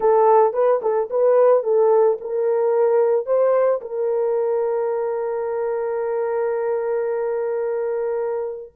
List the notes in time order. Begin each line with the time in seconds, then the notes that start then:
0.00 A4
0.53 B4
0.82 A4
1.10 B4
1.63 A4
2.20 A#4
3.26 C5
3.81 A#4